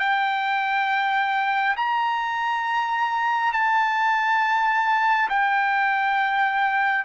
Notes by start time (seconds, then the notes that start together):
0.00 G5
1.77 A#5
3.53 A5
5.30 G5